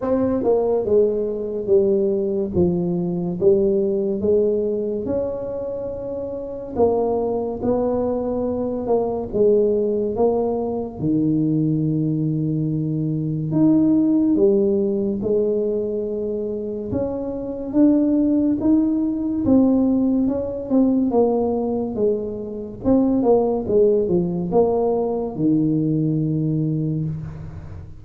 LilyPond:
\new Staff \with { instrumentName = "tuba" } { \time 4/4 \tempo 4 = 71 c'8 ais8 gis4 g4 f4 | g4 gis4 cis'2 | ais4 b4. ais8 gis4 | ais4 dis2. |
dis'4 g4 gis2 | cis'4 d'4 dis'4 c'4 | cis'8 c'8 ais4 gis4 c'8 ais8 | gis8 f8 ais4 dis2 | }